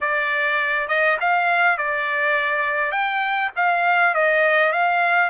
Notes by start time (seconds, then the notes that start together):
0.00 D5
0.88 D#5
1.20 F5
1.77 D5
2.91 G5
3.56 F5
4.14 D#5
4.72 F5